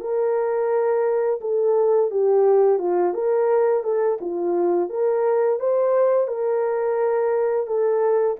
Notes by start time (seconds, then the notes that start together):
0.00 A#4
1.40 A4
2.11 G4
2.78 F4
3.14 A#4
3.83 A4
4.20 F4
4.89 A#4
5.59 C5
6.27 A#4
7.66 A4